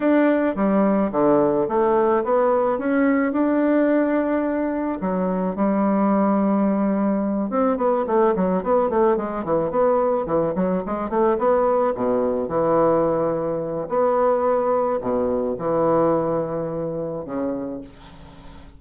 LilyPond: \new Staff \with { instrumentName = "bassoon" } { \time 4/4 \tempo 4 = 108 d'4 g4 d4 a4 | b4 cis'4 d'2~ | d'4 fis4 g2~ | g4. c'8 b8 a8 fis8 b8 |
a8 gis8 e8 b4 e8 fis8 gis8 | a8 b4 b,4 e4.~ | e4 b2 b,4 | e2. cis4 | }